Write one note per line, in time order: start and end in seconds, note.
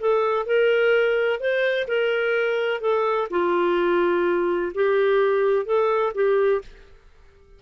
0.00 0.46 A4
0.46 1.40 A#4
1.40 1.87 C5
1.87 2.81 A#4
2.81 3.28 A4
3.30 4.72 F4
4.74 5.65 G4
5.65 6.12 A4
6.14 6.61 G4